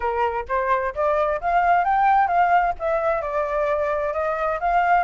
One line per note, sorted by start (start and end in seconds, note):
0.00 0.45 A#4
0.48 0.94 C5
0.94 1.40 D5
1.40 1.84 F5
1.84 2.27 G5
2.27 2.73 F5
2.79 3.21 E5
3.21 4.13 D5
4.13 4.59 D#5
4.60 5.04 F5